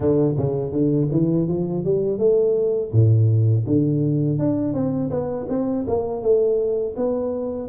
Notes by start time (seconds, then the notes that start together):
0.00 D3
0.37 C#3
0.72 D3
1.11 E3
1.48 F3
1.84 G3
2.18 A3
2.91 A2
3.66 D3
4.39 D4
4.73 C4
5.10 B3
5.48 C4
5.87 A#3
6.22 A3
6.96 B3